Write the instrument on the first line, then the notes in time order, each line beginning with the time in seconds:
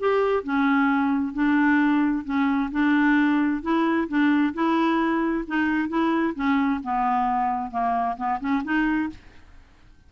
clarinet
0.00 G4
0.44 C#4
1.34 D4
2.25 C#4
2.72 D4
3.63 E4
4.09 D4
4.54 E4
5.48 D#4
5.89 E4
6.36 C#4
6.84 B3
7.71 A#3
8.17 B3
8.40 C#4
8.64 D#4